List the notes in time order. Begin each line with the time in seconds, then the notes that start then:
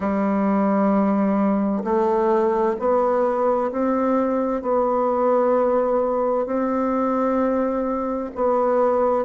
0.00 G3
1.83 A3
2.79 B3
3.71 C4
4.62 B3
6.46 C4
8.35 B3